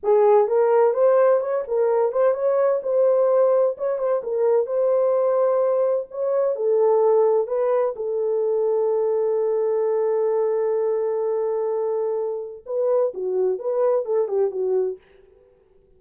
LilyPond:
\new Staff \with { instrumentName = "horn" } { \time 4/4 \tempo 4 = 128 gis'4 ais'4 c''4 cis''8 ais'8~ | ais'8 c''8 cis''4 c''2 | cis''8 c''8 ais'4 c''2~ | c''4 cis''4 a'2 |
b'4 a'2.~ | a'1~ | a'2. b'4 | fis'4 b'4 a'8 g'8 fis'4 | }